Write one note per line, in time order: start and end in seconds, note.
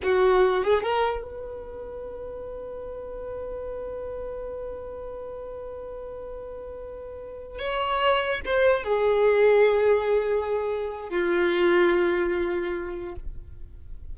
0.03 0.64 F#4
0.64 0.83 G#4
0.83 1.22 A#4
1.22 7.58 B4
7.58 8.40 C#5
8.45 8.83 C5
8.83 11.09 G#4
11.09 13.15 F4